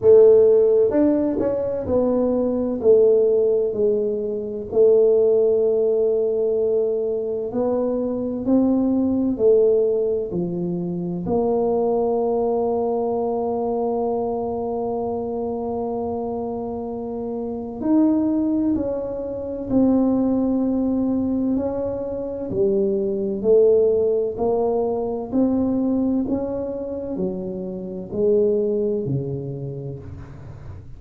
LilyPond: \new Staff \with { instrumentName = "tuba" } { \time 4/4 \tempo 4 = 64 a4 d'8 cis'8 b4 a4 | gis4 a2. | b4 c'4 a4 f4 | ais1~ |
ais2. dis'4 | cis'4 c'2 cis'4 | g4 a4 ais4 c'4 | cis'4 fis4 gis4 cis4 | }